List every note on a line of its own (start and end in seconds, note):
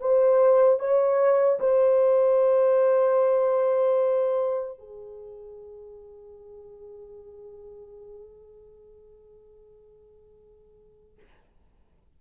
0.00 0.79 C5
0.79 1.59 C#5
1.60 4.79 C5
4.79 11.19 G#4